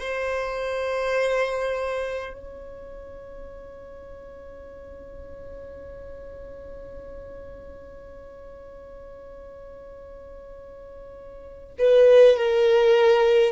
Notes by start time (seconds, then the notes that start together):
0.00 C5
2.34 C#5
11.79 B4
12.37 A#4